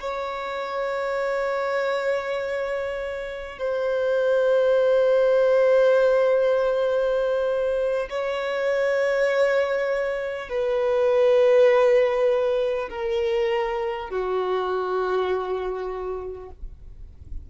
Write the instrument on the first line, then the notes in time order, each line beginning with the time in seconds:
violin
0.00 C#5
3.59 C5
8.10 C#5
10.49 B4
12.90 A#4
14.10 F#4